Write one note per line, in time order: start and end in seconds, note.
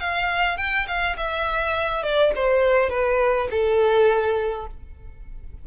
0.00 0.58 F5
0.58 0.87 G5
0.87 1.17 F5
1.17 2.03 E5
2.03 2.32 D5
2.36 2.90 C5
2.90 3.48 B4
3.51 4.67 A4